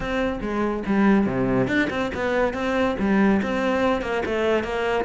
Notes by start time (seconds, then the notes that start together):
0.00 C4
0.41 G#3
0.86 G3
1.26 C3
1.67 D4
1.90 C4
2.14 B3
2.53 C4
2.99 G3
3.42 C4
4.01 A#3
4.25 A3
4.63 A#3